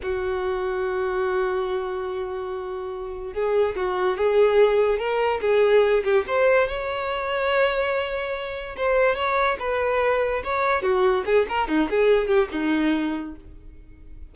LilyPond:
\new Staff \with { instrumentName = "violin" } { \time 4/4 \tempo 4 = 144 fis'1~ | fis'1 | gis'4 fis'4 gis'2 | ais'4 gis'4. g'8 c''4 |
cis''1~ | cis''4 c''4 cis''4 b'4~ | b'4 cis''4 fis'4 gis'8 ais'8 | dis'8 gis'4 g'8 dis'2 | }